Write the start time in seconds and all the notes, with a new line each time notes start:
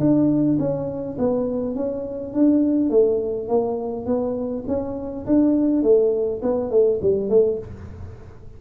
0.00 D4
0.59 C#4
1.19 B3
1.75 C#4
2.34 D4
2.90 A3
3.49 A#3
4.06 B3
4.68 C#4
5.27 D4
5.83 A3
6.43 B3
6.71 A3
7.02 G3
7.29 A3